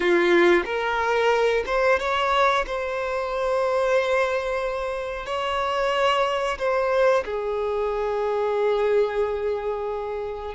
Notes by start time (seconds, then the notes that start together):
0.00 F4
0.65 A#4
1.66 C5
1.99 C#5
2.66 C5
5.26 C#5
6.58 C5
7.25 G#4